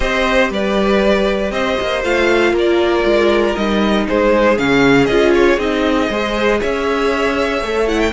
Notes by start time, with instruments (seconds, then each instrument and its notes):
0.00 cello C4, viola G4, violin C5 D#5
0.50 cello G3, violin B4 D5
1.51 cello C4, violin C5 D#5
1.81 cello A#3
2.03 cello A3, viola F4, violin F5
2.52 cello A#3, violin A#4
2.58 violin D5
3.04 cello G#3
3.55 cello G3, viola D#4, violin D#5
4.07 cello G#3, violin G#4 C5
4.57 cello C#3, viola C#4, violin F5
5.05 cello C#4, viola F4, violin D#5
5.34 violin C#5
5.57 cello C4, viola D#4, violin D#5
6.09 cello G#3, viola G#4, violin C5
6.60 cello C#4, violin C#5 E5
7.62 cello A3, viola A4
7.86 viola E4, violin F#5
8.00 violin G5